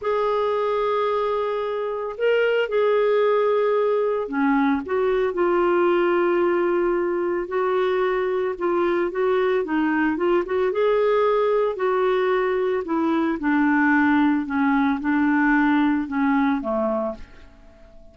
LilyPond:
\new Staff \with { instrumentName = "clarinet" } { \time 4/4 \tempo 4 = 112 gis'1 | ais'4 gis'2. | cis'4 fis'4 f'2~ | f'2 fis'2 |
f'4 fis'4 dis'4 f'8 fis'8 | gis'2 fis'2 | e'4 d'2 cis'4 | d'2 cis'4 a4 | }